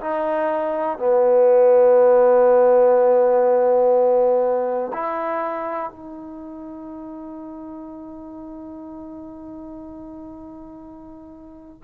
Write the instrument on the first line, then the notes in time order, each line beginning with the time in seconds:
trombone
0.00 D#4
0.98 B3
4.93 E4
5.90 D#4